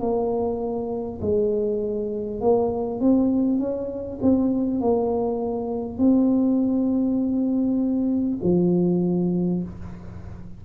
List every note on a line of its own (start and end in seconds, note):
0.00 1.20 A#3
1.22 2.41 G#3
2.41 3.01 A#3
3.01 3.59 C4
3.59 4.19 C#4
4.22 4.81 C4
4.81 5.98 A#3
5.98 8.38 C4
8.43 9.63 F3